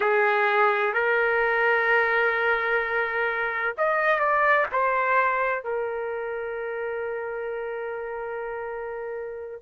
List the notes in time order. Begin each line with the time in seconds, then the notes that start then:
0.00 G#4
0.93 A#4
3.77 D#5
4.19 D5
4.71 C5
5.63 A#4